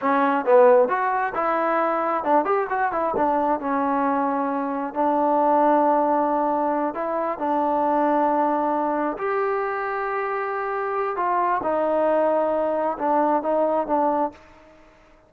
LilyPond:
\new Staff \with { instrumentName = "trombone" } { \time 4/4 \tempo 4 = 134 cis'4 b4 fis'4 e'4~ | e'4 d'8 g'8 fis'8 e'8 d'4 | cis'2. d'4~ | d'2.~ d'8 e'8~ |
e'8 d'2.~ d'8~ | d'8 g'2.~ g'8~ | g'4 f'4 dis'2~ | dis'4 d'4 dis'4 d'4 | }